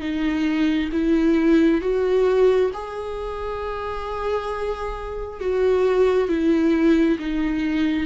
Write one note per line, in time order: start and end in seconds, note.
0.00 0.90 D#4
0.92 1.81 E4
1.81 2.71 F#4
2.74 5.41 G#4
5.41 6.28 F#4
6.28 7.18 E4
7.19 8.06 D#4